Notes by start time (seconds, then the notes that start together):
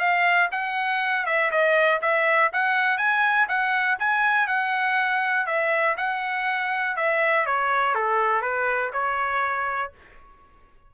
0.00 F5
0.52 F#5
1.26 E5
1.51 D#5
2.02 E5
2.53 F#5
2.98 G#5
3.49 F#5
4.00 G#5
4.47 F#5
5.47 E5
5.98 F#5
6.97 E5
7.47 C#5
7.95 A4
8.42 B4
8.93 C#5